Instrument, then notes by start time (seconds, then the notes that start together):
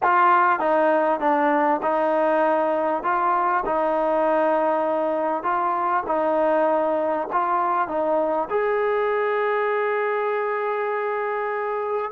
trombone
0.02 F4
0.59 D#4
1.20 D4
1.82 D#4
3.03 F4
3.65 D#4
5.43 F4
6.07 D#4
7.32 F4
7.88 D#4
8.50 G#4